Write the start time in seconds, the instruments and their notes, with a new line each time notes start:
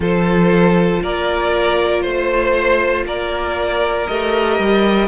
0.00 cello F3, viola F4, violin A4 C5
1.03 cello A#3, violin A#4 D5
2.01 cello A3, violin C5
3.05 cello A#3, violin A#4 D5
4.07 cello A3, viola G4, violin D#5
4.58 cello G3